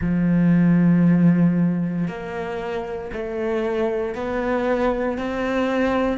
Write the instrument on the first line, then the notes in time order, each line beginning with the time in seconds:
cello
0.00 F3
2.07 A#3
3.12 A3
4.14 B3
5.17 C4